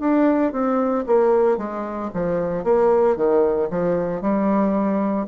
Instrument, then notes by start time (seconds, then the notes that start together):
bassoon
0.00 D4
0.52 C4
1.07 A#3
1.57 G#3
2.14 F3
2.64 A#3
3.16 D#3
3.70 F3
4.22 G3